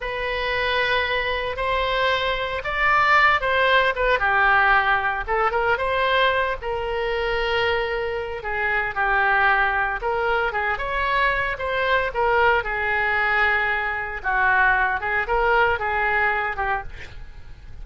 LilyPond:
\new Staff \with { instrumentName = "oboe" } { \time 4/4 \tempo 4 = 114 b'2. c''4~ | c''4 d''4. c''4 b'8 | g'2 a'8 ais'8 c''4~ | c''8 ais'2.~ ais'8 |
gis'4 g'2 ais'4 | gis'8 cis''4. c''4 ais'4 | gis'2. fis'4~ | fis'8 gis'8 ais'4 gis'4. g'8 | }